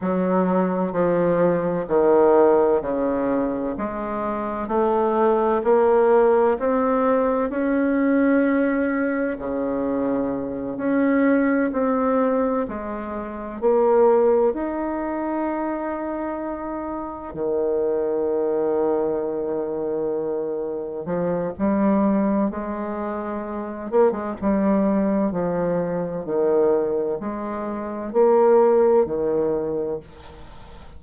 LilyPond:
\new Staff \with { instrumentName = "bassoon" } { \time 4/4 \tempo 4 = 64 fis4 f4 dis4 cis4 | gis4 a4 ais4 c'4 | cis'2 cis4. cis'8~ | cis'8 c'4 gis4 ais4 dis'8~ |
dis'2~ dis'8 dis4.~ | dis2~ dis8 f8 g4 | gis4. ais16 gis16 g4 f4 | dis4 gis4 ais4 dis4 | }